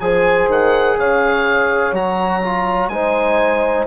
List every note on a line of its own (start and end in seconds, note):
0.00 0.48 F3
0.00 1.94 G#4
0.00 0.99 C5
0.00 0.49 G#5
0.48 0.97 D#3
0.48 0.99 F#5
0.98 1.92 C#3
0.98 2.92 C#5
0.98 1.95 F5
1.92 2.88 F#3
1.92 2.43 F#4
1.92 2.89 A#5
2.43 2.92 F4
2.88 3.85 G#3
2.88 3.87 D#4
2.88 3.87 C5
2.88 3.86 G#5